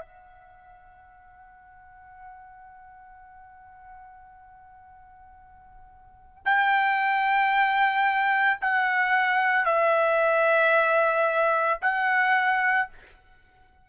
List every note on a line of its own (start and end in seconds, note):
0.00 6.43 F#5
6.45 8.59 G5
8.61 9.65 F#5
9.65 11.79 E5
11.81 12.89 F#5